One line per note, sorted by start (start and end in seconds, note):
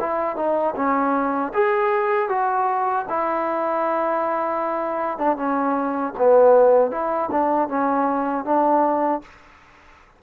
0.00 0.36 E4
0.36 0.74 D#4
0.76 1.52 C#4
1.54 2.29 G#4
2.29 3.06 F#4
3.09 5.18 E4
5.18 5.36 D4
5.36 6.13 C#4
6.18 6.91 B3
6.91 7.30 E4
7.31 7.68 D4
7.68 8.45 C#4
8.45 9.22 D4